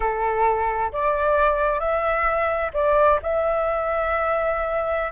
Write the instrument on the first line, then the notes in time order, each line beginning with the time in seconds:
flute
0.00 A4
0.92 D5
1.79 E5
2.73 D5
3.22 E5